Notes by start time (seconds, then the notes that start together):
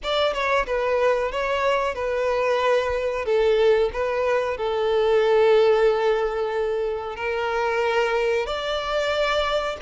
0.03 D5
0.33 C#5
0.66 B4
1.31 C#5
1.94 B4
3.25 A4
3.92 B4
4.57 A4
7.16 A#4
8.46 D5